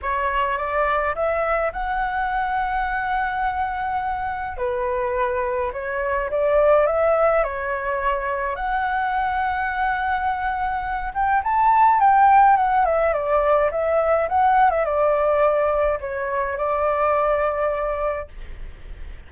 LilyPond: \new Staff \with { instrumentName = "flute" } { \time 4/4 \tempo 4 = 105 cis''4 d''4 e''4 fis''4~ | fis''1 | b'2 cis''4 d''4 | e''4 cis''2 fis''4~ |
fis''2.~ fis''8 g''8 | a''4 g''4 fis''8 e''8 d''4 | e''4 fis''8. e''16 d''2 | cis''4 d''2. | }